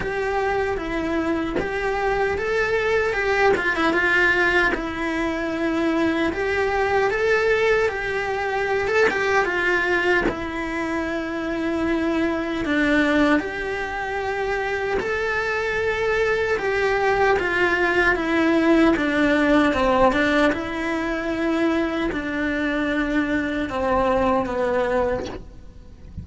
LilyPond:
\new Staff \with { instrumentName = "cello" } { \time 4/4 \tempo 4 = 76 g'4 e'4 g'4 a'4 | g'8 f'16 e'16 f'4 e'2 | g'4 a'4 g'4~ g'16 a'16 g'8 | f'4 e'2. |
d'4 g'2 a'4~ | a'4 g'4 f'4 e'4 | d'4 c'8 d'8 e'2 | d'2 c'4 b4 | }